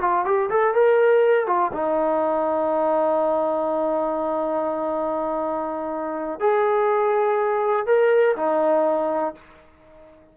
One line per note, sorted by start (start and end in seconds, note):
0.00 0.25 F4
0.25 0.49 G4
0.50 0.74 A4
0.74 1.46 A#4
1.46 1.71 F4
1.72 6.39 D#4
6.40 7.86 G#4
7.86 8.35 A#4
8.36 9.34 D#4